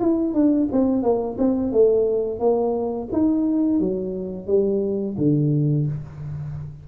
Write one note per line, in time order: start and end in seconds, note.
0.00 0.34 E4
0.34 0.68 D4
0.71 1.02 C4
1.02 1.37 A#3
1.38 1.72 C4
1.72 2.39 A3
2.39 3.08 A#3
3.12 3.79 D#4
3.79 4.46 F#3
4.46 5.15 G3
5.17 5.86 D3